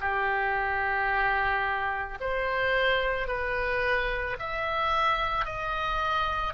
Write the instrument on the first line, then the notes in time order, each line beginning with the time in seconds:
oboe
0.00 G4
2.20 C5
3.27 B4
4.39 E5
5.44 D#5